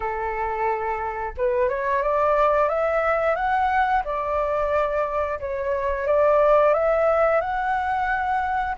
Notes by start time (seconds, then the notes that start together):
0.00 A4
1.37 B4
1.69 C#5
2.02 D5
2.68 E5
3.35 F#5
4.04 D5
5.39 C#5
6.06 D5
6.73 E5
7.40 F#5